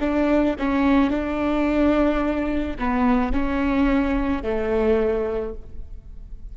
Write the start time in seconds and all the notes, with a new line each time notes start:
0.00 D4
0.59 C#4
1.11 D4
2.79 B3
3.33 C#4
4.43 A3